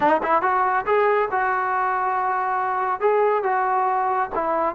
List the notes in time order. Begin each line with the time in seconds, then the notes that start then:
0.00 D#4
0.22 E4
0.42 F#4
0.85 G#4
1.31 F#4
3.00 G#4
3.43 F#4
4.34 E4